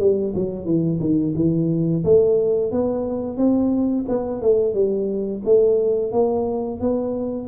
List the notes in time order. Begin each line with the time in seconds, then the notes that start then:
0.00 G3
0.35 F#3
0.66 E3
1.00 D#3
1.36 E3
2.05 A3
2.72 B3
3.37 C4
4.09 B3
4.42 A3
4.74 G3
5.45 A3
6.12 A#3
6.81 B3